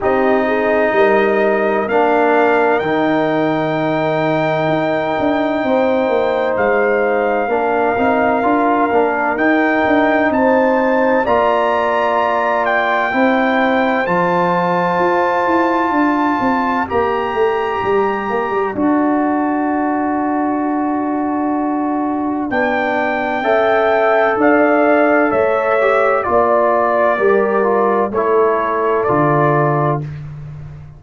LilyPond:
<<
  \new Staff \with { instrumentName = "trumpet" } { \time 4/4 \tempo 4 = 64 dis''2 f''4 g''4~ | g''2. f''4~ | f''2 g''4 a''4 | ais''4. g''4. a''4~ |
a''2 ais''2 | a''1 | g''2 f''4 e''4 | d''2 cis''4 d''4 | }
  \new Staff \with { instrumentName = "horn" } { \time 4/4 g'8 gis'8 ais'2.~ | ais'2 c''2 | ais'2. c''4 | d''2 c''2~ |
c''4 d''2.~ | d''1~ | d''4 e''4 d''4 cis''4 | d''4 ais'4 a'2 | }
  \new Staff \with { instrumentName = "trombone" } { \time 4/4 dis'2 d'4 dis'4~ | dis'1 | d'8 dis'8 f'8 d'8 dis'2 | f'2 e'4 f'4~ |
f'2 g'2 | fis'1 | d'4 a'2~ a'8 g'8 | f'4 g'8 f'8 e'4 f'4 | }
  \new Staff \with { instrumentName = "tuba" } { \time 4/4 c'4 g4 ais4 dis4~ | dis4 dis'8 d'8 c'8 ais8 gis4 | ais8 c'8 d'8 ais8 dis'8 d'8 c'4 | ais2 c'4 f4 |
f'8 e'8 d'8 c'8 ais8 a8 g8 ais16 g16 | d'1 | b4 cis'4 d'4 a4 | ais4 g4 a4 d4 | }
>>